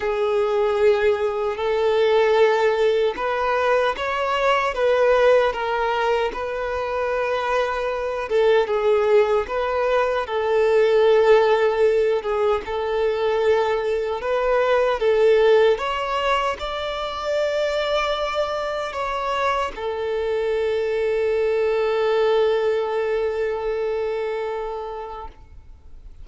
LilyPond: \new Staff \with { instrumentName = "violin" } { \time 4/4 \tempo 4 = 76 gis'2 a'2 | b'4 cis''4 b'4 ais'4 | b'2~ b'8 a'8 gis'4 | b'4 a'2~ a'8 gis'8 |
a'2 b'4 a'4 | cis''4 d''2. | cis''4 a'2.~ | a'1 | }